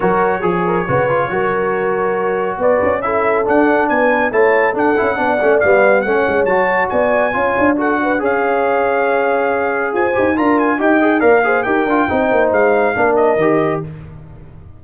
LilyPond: <<
  \new Staff \with { instrumentName = "trumpet" } { \time 4/4 \tempo 4 = 139 cis''1~ | cis''2 d''4 e''4 | fis''4 gis''4 a''4 fis''4~ | fis''4 f''4 fis''4 a''4 |
gis''2 fis''4 f''4~ | f''2. gis''4 | ais''8 gis''8 g''4 f''4 g''4~ | g''4 f''4. dis''4. | }
  \new Staff \with { instrumentName = "horn" } { \time 4/4 ais'4 gis'8 ais'8 b'4 ais'4~ | ais'2 b'4 a'4~ | a'4 b'4 cis''4 a'4 | d''2 cis''2 |
d''4 cis''4 a'8 b'8 cis''4~ | cis''2. c''4 | ais'4 dis''4 d''8 c''8 ais'4 | c''2 ais'2 | }
  \new Staff \with { instrumentName = "trombone" } { \time 4/4 fis'4 gis'4 fis'8 f'8 fis'4~ | fis'2. e'4 | d'2 e'4 d'8 e'8 | d'8 cis'8 b4 cis'4 fis'4~ |
fis'4 f'4 fis'4 gis'4~ | gis'2.~ gis'8 g'8 | f'4 g'8 gis'8 ais'8 gis'8 g'8 f'8 | dis'2 d'4 g'4 | }
  \new Staff \with { instrumentName = "tuba" } { \time 4/4 fis4 f4 cis4 fis4~ | fis2 b8 cis'4. | d'4 b4 a4 d'8 cis'8 | b8 a8 g4 a8 gis8 fis4 |
b4 cis'8 d'4. cis'4~ | cis'2. f'8 dis'8 | d'4 dis'4 ais4 dis'8 d'8 | c'8 ais8 gis4 ais4 dis4 | }
>>